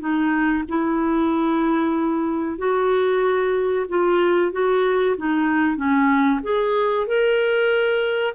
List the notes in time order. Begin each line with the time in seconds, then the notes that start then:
0.00 D#4
0.68 E4
2.58 F#4
3.88 F4
4.52 F#4
5.17 D#4
5.76 C#4
6.43 G#4
7.07 A#4